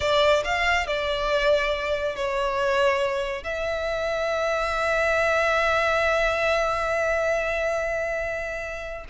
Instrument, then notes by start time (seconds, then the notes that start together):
violin
0.00 D5
0.44 F5
0.87 D5
2.15 C#5
3.43 E5